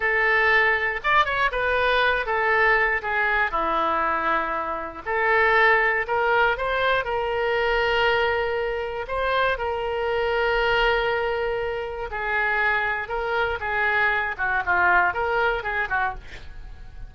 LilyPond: \new Staff \with { instrumentName = "oboe" } { \time 4/4 \tempo 4 = 119 a'2 d''8 cis''8 b'4~ | b'8 a'4. gis'4 e'4~ | e'2 a'2 | ais'4 c''4 ais'2~ |
ais'2 c''4 ais'4~ | ais'1 | gis'2 ais'4 gis'4~ | gis'8 fis'8 f'4 ais'4 gis'8 fis'8 | }